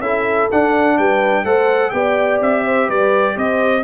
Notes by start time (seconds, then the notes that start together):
0.00 C#4 E4 A4 E5
0.51 D4 F#5
0.98 G3 B4 G5
1.44 A3 A4 C5 F#5
1.90 B3 G4 D5 G5
2.41 C4 E5
2.64 C5
2.87 G3 B4 D5
3.36 C4 C5 D#5